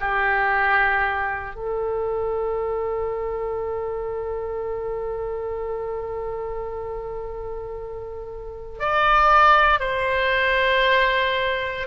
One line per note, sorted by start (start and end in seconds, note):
0.00 1.55 G4
1.55 8.79 A4
8.79 9.79 D5
9.79 11.86 C5